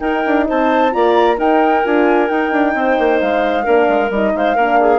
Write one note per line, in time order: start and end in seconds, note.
0.00 0.23 D#4
0.00 0.92 D#4
0.00 0.46 A#4
0.00 0.45 G5
0.26 0.49 D4
0.48 0.95 C4
0.48 0.93 C5
0.48 0.93 A5
0.92 1.39 A#3
0.92 1.37 F4
0.92 1.37 D5
0.92 1.38 A#5
1.37 1.83 D#4
1.37 1.84 D#4
1.37 2.73 A#4
1.37 1.86 G5
1.84 2.30 D4
1.84 2.30 F4
1.84 2.29 G#5
2.29 2.52 D#4
2.29 3.65 D#4
2.29 3.20 G5
2.52 2.75 D4
2.75 2.97 C4
2.75 3.64 C5
2.99 3.21 A#3
3.21 3.67 G#3
3.21 4.12 F5
3.64 3.89 A#3
3.64 4.11 D4
3.64 4.32 A#4
3.89 4.11 G#3
4.11 4.33 G3
4.11 4.59 D#4
4.11 4.36 D#5
4.35 4.56 G#3
4.35 4.56 C5
4.35 4.99 F5
4.56 4.99 A#3
4.56 4.99 D4
4.56 4.78 A#4
4.80 4.99 G#4